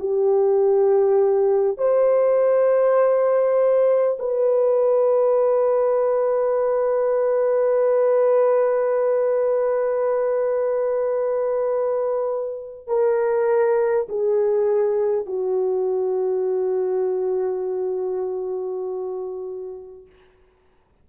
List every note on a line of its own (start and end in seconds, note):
0.00 1.78 G4
1.78 4.18 C5
4.19 12.88 B4
12.88 14.08 A#4
14.09 15.26 G#4
15.26 20.06 F#4